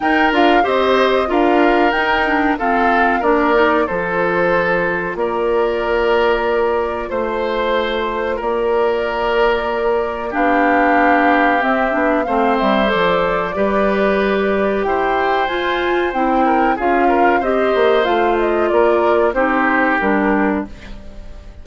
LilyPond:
<<
  \new Staff \with { instrumentName = "flute" } { \time 4/4 \tempo 4 = 93 g''8 f''8 dis''4 f''4 g''4 | f''4 d''4 c''2 | d''2. c''4~ | c''4 d''2. |
f''2 e''4 f''8 e''8 | d''2. g''4 | gis''4 g''4 f''4 dis''4 | f''8 dis''8 d''4 c''4 ais'4 | }
  \new Staff \with { instrumentName = "oboe" } { \time 4/4 ais'4 c''4 ais'2 | a'4 ais'4 a'2 | ais'2. c''4~ | c''4 ais'2. |
g'2. c''4~ | c''4 b'2 c''4~ | c''4. ais'8 gis'8 ais'8 c''4~ | c''4 ais'4 g'2 | }
  \new Staff \with { instrumentName = "clarinet" } { \time 4/4 dis'8 f'8 g'4 f'4 dis'8 d'8 | c'4 d'8 dis'8 f'2~ | f'1~ | f'1 |
d'2 c'8 d'8 c'4 | a'4 g'2. | f'4 e'4 f'4 g'4 | f'2 dis'4 d'4 | }
  \new Staff \with { instrumentName = "bassoon" } { \time 4/4 dis'8 d'8 c'4 d'4 dis'4 | f'4 ais4 f2 | ais2. a4~ | a4 ais2. |
b2 c'8 b8 a8 g8 | f4 g2 e'4 | f'4 c'4 cis'4 c'8 ais8 | a4 ais4 c'4 g4 | }
>>